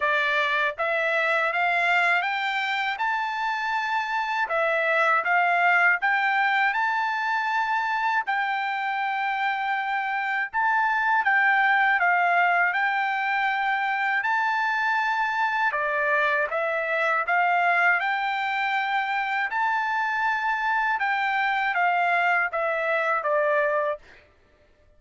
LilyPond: \new Staff \with { instrumentName = "trumpet" } { \time 4/4 \tempo 4 = 80 d''4 e''4 f''4 g''4 | a''2 e''4 f''4 | g''4 a''2 g''4~ | g''2 a''4 g''4 |
f''4 g''2 a''4~ | a''4 d''4 e''4 f''4 | g''2 a''2 | g''4 f''4 e''4 d''4 | }